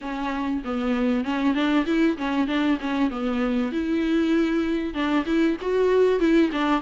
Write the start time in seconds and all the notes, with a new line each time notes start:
0.01 C#4
0.64 B3
1.24 C#4
1.54 D4
1.86 E4
2.17 C#4
2.47 D4
2.80 C#4
3.10 B3
3.72 E4
4.93 D4
5.25 E4
5.61 F#4
6.19 E4
6.52 D4